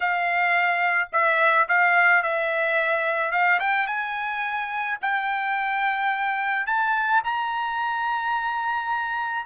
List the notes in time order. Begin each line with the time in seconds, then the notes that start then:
0.00 F5
1.12 E5
1.68 F5
2.22 E5
3.31 F5
3.59 G5
3.87 G#5
5.01 G5
6.66 A5
7.23 A#5